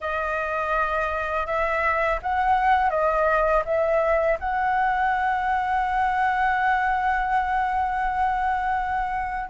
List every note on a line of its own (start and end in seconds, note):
0.00 1.46 D#5
1.46 2.19 E5
2.22 2.90 F#5
2.90 3.63 D#5
3.65 4.38 E5
4.39 9.50 F#5